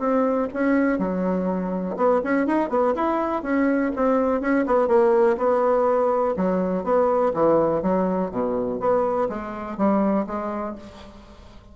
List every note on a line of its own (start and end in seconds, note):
0.00 0.49 C4
0.54 0.99 C#4
0.99 1.96 F#3
1.97 2.21 B3
2.24 2.47 C#4
2.47 2.70 D#4
2.70 2.94 B3
2.96 3.43 E4
3.43 3.92 C#4
3.96 4.41 C4
4.41 4.66 C#4
4.67 4.88 B3
4.88 5.37 A#3
5.38 6.35 B3
6.37 6.84 F#3
6.84 7.33 B3
7.34 7.83 E3
7.83 8.31 F#3
8.31 8.80 B2
8.80 9.29 B3
9.29 9.78 G#3
9.78 10.26 G3
10.27 10.76 G#3